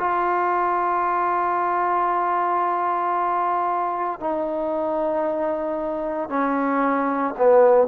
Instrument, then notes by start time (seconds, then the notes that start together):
trombone
0.00 F4
4.21 D#4
6.30 C#4
7.38 B3